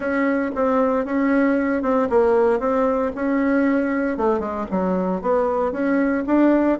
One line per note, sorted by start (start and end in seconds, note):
0.00 0.51 C#4
0.55 1.05 C4
1.05 1.82 C#4
1.82 2.08 C4
2.09 2.59 A#3
2.59 3.11 C4
3.15 4.17 C#4
4.17 4.39 A3
4.39 4.65 G#3
4.70 5.21 F#3
5.21 5.71 B3
5.71 6.23 C#4
6.26 6.78 D4